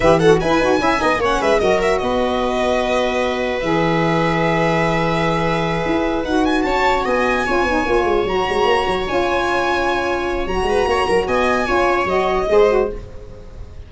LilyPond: <<
  \new Staff \with { instrumentName = "violin" } { \time 4/4 \tempo 4 = 149 e''8 fis''8 gis''2 fis''8 e''8 | dis''8 e''8 dis''2.~ | dis''4 e''2.~ | e''2.~ e''8 fis''8 |
gis''8 a''4 gis''2~ gis''8~ | gis''8 ais''2 gis''4.~ | gis''2 ais''2 | gis''2 dis''2 | }
  \new Staff \with { instrumentName = "viola" } { \time 4/4 b'8 a'8 b'4 e''8 dis''8 cis''8 b'8 | ais'4 b'2.~ | b'1~ | b'1~ |
b'8 cis''4 dis''4 cis''4.~ | cis''1~ | cis''2~ cis''8 b'8 cis''8 ais'8 | dis''4 cis''2 c''4 | }
  \new Staff \with { instrumentName = "saxophone" } { \time 4/4 g'8 fis'8 e'8 fis'8 e'8 dis'8 cis'4 | fis'1~ | fis'4 gis'2.~ | gis'2.~ gis'8 fis'8~ |
fis'2~ fis'8 f'8 dis'8 f'8~ | f'8 fis'2 f'4.~ | f'2 fis'2~ | fis'4 f'4 fis'4 gis'8 fis'8 | }
  \new Staff \with { instrumentName = "tuba" } { \time 4/4 e4 e'8 dis'8 cis'8 b8 ais8 gis8 | fis4 b2.~ | b4 e2.~ | e2~ e8 e'4 dis'8~ |
dis'8 cis'4 b4 cis'8 b8 ais8 | gis8 fis8 gis8 ais8 fis8 cis'4.~ | cis'2 fis8 gis8 ais8 fis8 | b4 cis'4 fis4 gis4 | }
>>